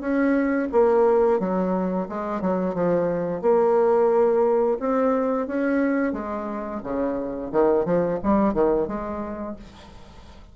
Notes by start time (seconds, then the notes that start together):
0.00 C#4
0.71 A#3
1.39 F#3
2.09 G#3
2.41 F#3
2.74 F3
3.41 A#3
4.79 C4
5.47 C#4
6.12 G#3
6.83 C#3
7.51 D#3
7.85 F3
8.23 G3
8.53 D#3
8.87 G#3